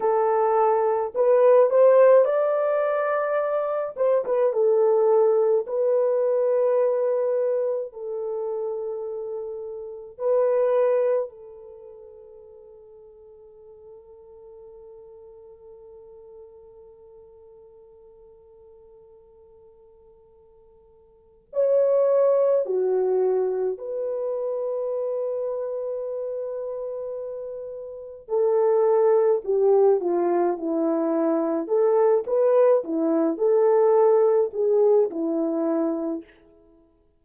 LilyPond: \new Staff \with { instrumentName = "horn" } { \time 4/4 \tempo 4 = 53 a'4 b'8 c''8 d''4. c''16 b'16 | a'4 b'2 a'4~ | a'4 b'4 a'2~ | a'1~ |
a'2. cis''4 | fis'4 b'2.~ | b'4 a'4 g'8 f'8 e'4 | a'8 b'8 e'8 a'4 gis'8 e'4 | }